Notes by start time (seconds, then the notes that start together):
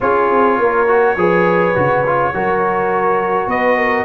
0.00 C#4 F4 G#4 C#5
0.29 C4
0.58 A#3 A#4
0.87 F#4
1.16 F3 G#4 B4
1.75 C#3 F#4
2.06 F4
2.33 F#3 F#4 A#4
3.47 B3 B4 D#5
3.76 A#4